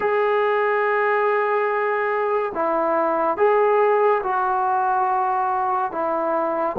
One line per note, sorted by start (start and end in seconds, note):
0.00 2.52 G#4
2.54 3.37 E4
3.37 4.21 G#4
4.23 5.92 F#4
5.92 6.76 E4